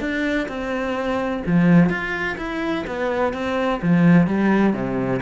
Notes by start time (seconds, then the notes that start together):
0.00 D4
0.48 C4
1.46 F3
1.89 F4
2.37 E4
2.87 B3
3.33 C4
3.82 F3
4.27 G3
4.73 C3